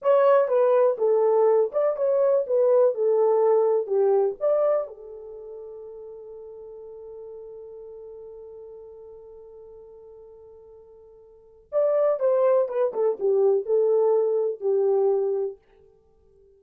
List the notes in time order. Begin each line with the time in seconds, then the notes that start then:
0.01 C#5
0.47 B4
0.98 A4
1.71 D5
1.96 C#5
2.46 B4
2.94 A4
3.86 G4
4.39 D5
4.87 A4
11.72 D5
12.19 C5
12.68 B4
12.93 A4
13.19 G4
13.65 A4
14.60 G4